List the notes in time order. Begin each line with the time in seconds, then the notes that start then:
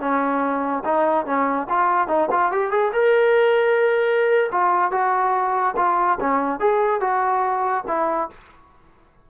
0.00 C#4
0.85 D#4
1.26 C#4
1.70 F4
2.08 D#4
2.32 F4
2.52 G4
2.71 G#4
2.93 A#4
4.52 F4
4.92 F#4
5.77 F4
6.21 C#4
6.60 G#4
7.01 F#4
7.88 E4